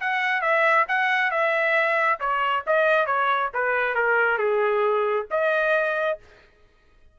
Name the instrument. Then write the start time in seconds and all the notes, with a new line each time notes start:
trumpet
0.00 F#5
0.41 E5
0.88 F#5
1.31 E5
2.20 C#5
2.67 D#5
3.06 C#5
3.54 B4
3.95 A#4
4.38 G#4
5.30 D#5